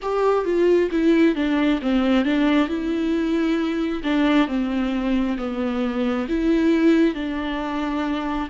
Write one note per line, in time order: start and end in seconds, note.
0.02 0.45 G4
0.45 0.90 F4
0.91 1.35 E4
1.35 1.80 D4
1.82 2.24 C4
2.24 2.67 D4
2.67 4.02 E4
4.03 4.47 D4
4.47 5.37 C4
5.37 6.27 B3
6.28 7.14 E4
7.14 8.48 D4